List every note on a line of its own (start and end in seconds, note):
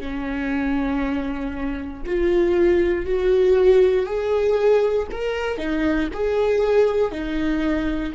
0.00 2.03 C#4
2.06 3.06 F4
3.06 4.06 F#4
4.06 5.08 G#4
5.11 5.58 A#4
5.58 6.09 D#4
6.13 7.11 G#4
7.11 8.13 D#4